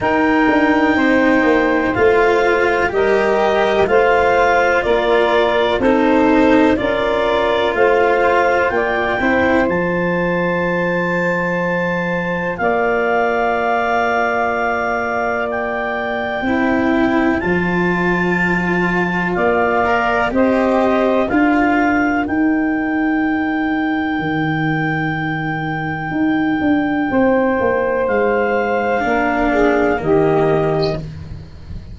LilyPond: <<
  \new Staff \with { instrumentName = "clarinet" } { \time 4/4 \tempo 4 = 62 g''2 f''4 dis''4 | f''4 d''4 c''4 d''4 | f''4 g''4 a''2~ | a''4 f''2. |
g''2 a''2 | f''4 dis''4 f''4 g''4~ | g''1~ | g''4 f''2 dis''4 | }
  \new Staff \with { instrumentName = "saxophone" } { \time 4/4 ais'4 c''2 ais'4 | c''4 ais'4 a'4 ais'4 | c''4 d''8 c''2~ c''8~ | c''4 d''2.~ |
d''4 c''2. | d''4 c''4 ais'2~ | ais'1 | c''2 ais'8 gis'8 g'4 | }
  \new Staff \with { instrumentName = "cello" } { \time 4/4 dis'2 f'4 g'4 | f'2 dis'4 f'4~ | f'4. e'8 f'2~ | f'1~ |
f'4 e'4 f'2~ | f'8 ais'8 g'4 f'4 dis'4~ | dis'1~ | dis'2 d'4 ais4 | }
  \new Staff \with { instrumentName = "tuba" } { \time 4/4 dis'8 d'8 c'8 ais8 a4 g4 | a4 ais4 c'4 cis'4 | a4 ais8 c'8 f2~ | f4 ais2.~ |
ais4 c'4 f2 | ais4 c'4 d'4 dis'4~ | dis'4 dis2 dis'8 d'8 | c'8 ais8 gis4 ais4 dis4 | }
>>